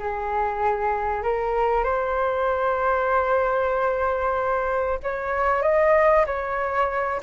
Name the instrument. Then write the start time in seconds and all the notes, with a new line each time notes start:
flute
0.00 G#4
1.23 A#4
1.84 C5
5.03 C#5
5.63 D#5
6.27 C#5